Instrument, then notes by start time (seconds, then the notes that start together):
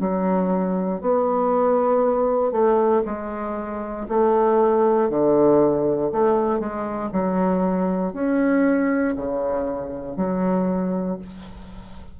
bassoon
0.00 F#3
1.01 B3
2.51 A3
3.05 G#3
4.08 A3
5.09 D3
6.12 A3
6.60 G#3
7.12 F#3
8.13 C#4
9.16 C#3
10.16 F#3